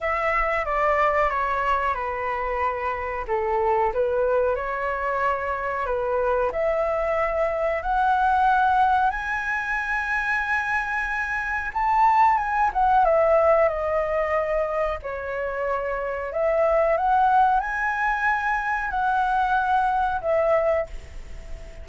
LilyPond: \new Staff \with { instrumentName = "flute" } { \time 4/4 \tempo 4 = 92 e''4 d''4 cis''4 b'4~ | b'4 a'4 b'4 cis''4~ | cis''4 b'4 e''2 | fis''2 gis''2~ |
gis''2 a''4 gis''8 fis''8 | e''4 dis''2 cis''4~ | cis''4 e''4 fis''4 gis''4~ | gis''4 fis''2 e''4 | }